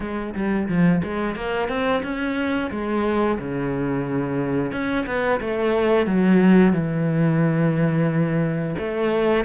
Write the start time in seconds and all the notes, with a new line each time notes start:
0.00 G#3
0.34 G3
0.68 F3
1.03 G#3
1.35 A#3
1.68 C4
2.03 C#4
2.71 G#3
3.38 C#3
4.72 C#4
5.06 B3
5.40 A3
6.06 F#3
6.72 E3
8.78 A3